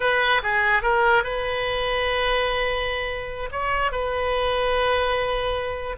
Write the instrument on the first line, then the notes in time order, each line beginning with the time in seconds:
oboe
0.00 B4
0.42 G#4
0.82 A#4
1.23 B4
3.51 C#5
3.91 B4